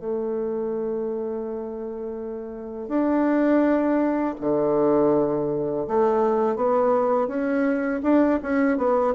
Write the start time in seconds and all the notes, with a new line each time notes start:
0.00 A3
2.89 D4
4.41 D3
5.88 A3
6.56 B3
7.28 C#4
8.03 D4
8.43 C#4
8.78 B3